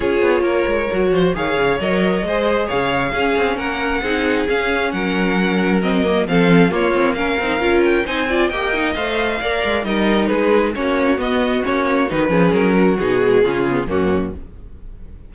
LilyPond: <<
  \new Staff \with { instrumentName = "violin" } { \time 4/4 \tempo 4 = 134 cis''2. f''4 | dis''2 f''2 | fis''2 f''4 fis''4~ | fis''4 dis''4 f''4 cis''4 |
f''4. g''8 gis''4 g''4 | f''2 dis''4 b'4 | cis''4 dis''4 cis''4 b'4 | ais'4 gis'2 fis'4 | }
  \new Staff \with { instrumentName = "violin" } { \time 4/4 gis'4 ais'4. c''8 cis''4~ | cis''4 c''4 cis''4 gis'4 | ais'4 gis'2 ais'4~ | ais'2 a'4 f'4 |
ais'2 c''8 d''8 dis''4~ | dis''4 d''4 ais'4 gis'4 | fis'2.~ fis'8 gis'8~ | gis'8 fis'4. f'4 cis'4 | }
  \new Staff \with { instrumentName = "viola" } { \time 4/4 f'2 fis'4 gis'4 | ais'4 gis'2 cis'4~ | cis'4 dis'4 cis'2~ | cis'4 c'8 ais8 c'4 ais8 c'8 |
cis'8 dis'8 f'4 dis'8 f'8 g'8 dis'8 | c''4 ais'4 dis'2 | cis'4 b4 cis'4 dis'8 cis'8~ | cis'4 dis'8 gis8 cis'8 b8 ais4 | }
  \new Staff \with { instrumentName = "cello" } { \time 4/4 cis'8 b8 ais8 gis8 fis8 f8 dis8 cis8 | fis4 gis4 cis4 cis'8 c'8 | ais4 c'4 cis'4 fis4~ | fis2 f4 ais4~ |
ais8 c'8 cis'4 c'4 ais4 | a4 ais8 gis8 g4 gis4 | ais4 b4 ais4 dis8 f8 | fis4 b,4 cis4 fis,4 | }
>>